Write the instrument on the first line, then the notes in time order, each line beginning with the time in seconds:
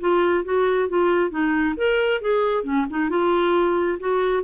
clarinet
0.00 F4
0.44 F#4
0.89 F4
1.30 D#4
1.77 A#4
2.21 G#4
2.63 C#4
2.90 D#4
3.09 F4
4.00 F#4